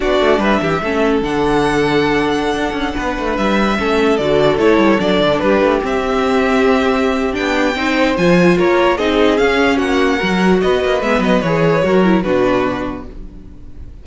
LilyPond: <<
  \new Staff \with { instrumentName = "violin" } { \time 4/4 \tempo 4 = 147 d''4 e''2 fis''4~ | fis''1~ | fis''16 e''2 d''4 cis''8.~ | cis''16 d''4 b'4 e''4.~ e''16~ |
e''2 g''2 | gis''4 cis''4 dis''4 f''4 | fis''2 dis''4 e''8 dis''8 | cis''2 b'2 | }
  \new Staff \with { instrumentName = "violin" } { \time 4/4 fis'4 b'8 g'8 a'2~ | a'2.~ a'16 b'8.~ | b'4~ b'16 a'2~ a'8.~ | a'4~ a'16 g'2~ g'8.~ |
g'2. c''4~ | c''4 ais'4 gis'2 | fis'4 ais'4 b'2~ | b'4 ais'4 fis'2 | }
  \new Staff \with { instrumentName = "viola" } { \time 4/4 d'2 cis'4 d'4~ | d'1~ | d'4~ d'16 cis'4 fis'4 e'8.~ | e'16 d'2 c'4.~ c'16~ |
c'2 d'4 dis'4 | f'2 dis'4 cis'4~ | cis'4 fis'2 b4 | gis'4 fis'8 e'8 d'2 | }
  \new Staff \with { instrumentName = "cello" } { \time 4/4 b8 a8 g8 e8 a4 d4~ | d2~ d16 d'8 cis'8 b8 a16~ | a16 g4 a4 d4 a8 g16~ | g16 fis8 d8 g8 a8 c'4.~ c'16~ |
c'2 b4 c'4 | f4 ais4 c'4 cis'4 | ais4 fis4 b8 ais8 gis8 fis8 | e4 fis4 b,2 | }
>>